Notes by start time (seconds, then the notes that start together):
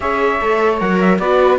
0.00 C#4 G#4 C#5 E5
0.41 A3 A4
0.79 F#3 A#4 F#5
1.00 E5
1.18 B3 F#4 B4 D5